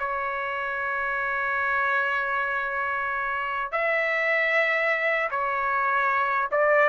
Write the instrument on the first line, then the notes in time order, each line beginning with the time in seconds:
trumpet
0.00 C#5
3.72 E5
5.31 C#5
6.52 D5